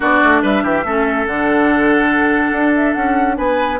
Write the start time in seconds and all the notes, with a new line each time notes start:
0.00 B3 D4 F#4 D5
0.23 A3
0.42 G3 B4 E5
0.63 E3 G4
0.84 A3 C#4 A4
1.26 D3 D4 F#5
2.51 D4
2.74 E5
2.93 C#4 F#5
3.37 B3 B4 G#5